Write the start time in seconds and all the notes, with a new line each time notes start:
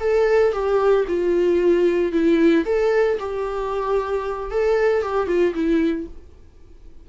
0.00 A4
0.53 G4
1.08 F4
2.12 E4
2.66 A4
3.20 G4
4.51 A4
5.03 G4
5.28 F4
5.55 E4